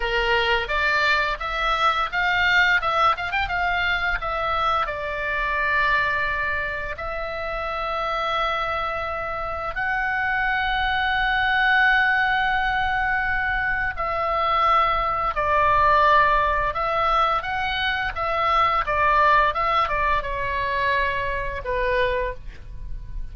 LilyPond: \new Staff \with { instrumentName = "oboe" } { \time 4/4 \tempo 4 = 86 ais'4 d''4 e''4 f''4 | e''8 f''16 g''16 f''4 e''4 d''4~ | d''2 e''2~ | e''2 fis''2~ |
fis''1 | e''2 d''2 | e''4 fis''4 e''4 d''4 | e''8 d''8 cis''2 b'4 | }